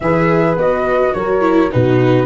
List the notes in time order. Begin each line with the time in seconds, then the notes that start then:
0.00 E3 G#4 B4 E5
0.55 B3 F#4 D#5
1.13 F#3 A#4 C#5
1.41 E4
1.71 B2 D#4 F#4 B4